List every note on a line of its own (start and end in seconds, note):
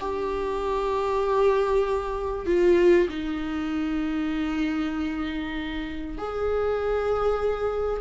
0.00 2.46 G4
2.46 3.08 F4
3.08 6.18 D#4
6.18 8.01 G#4